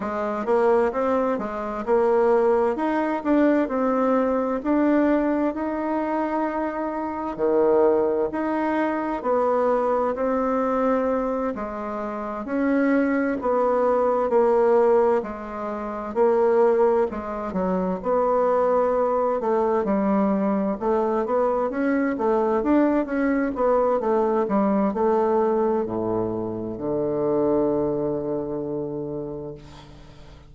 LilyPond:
\new Staff \with { instrumentName = "bassoon" } { \time 4/4 \tempo 4 = 65 gis8 ais8 c'8 gis8 ais4 dis'8 d'8 | c'4 d'4 dis'2 | dis4 dis'4 b4 c'4~ | c'8 gis4 cis'4 b4 ais8~ |
ais8 gis4 ais4 gis8 fis8 b8~ | b4 a8 g4 a8 b8 cis'8 | a8 d'8 cis'8 b8 a8 g8 a4 | a,4 d2. | }